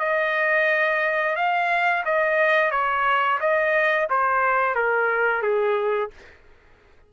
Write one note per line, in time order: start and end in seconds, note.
0.00 1.36 D#5
1.36 2.04 F5
2.05 2.71 D#5
2.71 3.39 C#5
3.41 4.09 D#5
4.10 4.75 C5
4.75 5.42 A#4
5.42 6.11 G#4